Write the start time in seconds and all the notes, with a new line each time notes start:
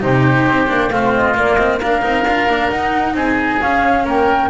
0.00 C3 D#4 G4 C5
0.47 C4
0.68 A#3 D4
0.91 A3 C4 F4 F5
1.14 D#5
1.35 A#3 D5
1.56 C4 D#5
1.79 D4 A#4 F5
2.02 C4 D#4
2.25 D4 F4
2.47 A#3 D4
2.70 D#4 F#5
3.14 C4 G#4 G#5
3.61 C#4 F5
4.04 A#3 A#4 G5